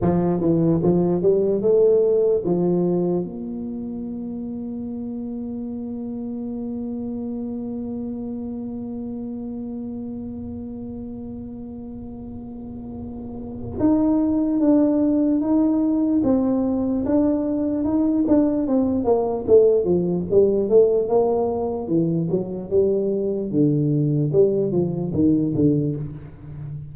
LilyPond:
\new Staff \with { instrumentName = "tuba" } { \time 4/4 \tempo 4 = 74 f8 e8 f8 g8 a4 f4 | ais1~ | ais1~ | ais1~ |
ais4 dis'4 d'4 dis'4 | c'4 d'4 dis'8 d'8 c'8 ais8 | a8 f8 g8 a8 ais4 e8 fis8 | g4 d4 g8 f8 dis8 d8 | }